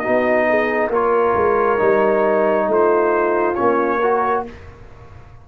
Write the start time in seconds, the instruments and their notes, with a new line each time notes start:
0.00 trombone D#4, horn F#4, trumpet D#5
0.08 tuba B3
0.50 horn G#4
0.90 tuba A#3, trombone F4, horn A#4, trumpet C#5
1.36 tuba G#3
1.79 tuba G3, trombone D#4
2.68 tuba A3, horn F4, trumpet C5
3.56 tuba A#3, trombone C#4, trumpet C#5
4.00 trombone F#4, horn A#4